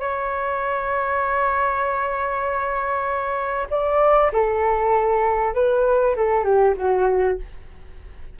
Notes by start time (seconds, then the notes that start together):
0.00 C#5
3.70 D5
4.33 A4
5.54 B4
6.17 A4
6.45 G4
6.77 F#4